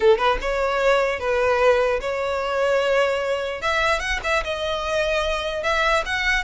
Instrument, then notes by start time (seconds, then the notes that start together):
violin
0.00 A4
0.17 B4
0.41 C#5
1.19 B4
2.00 C#5
3.61 E5
3.99 F#5
4.23 E5
4.44 D#5
5.63 E5
6.05 F#5